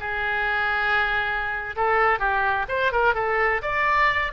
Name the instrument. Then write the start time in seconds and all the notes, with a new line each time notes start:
oboe
0.00 G#4
1.76 A4
2.19 G4
2.69 C5
2.92 A#4
3.15 A4
3.62 D5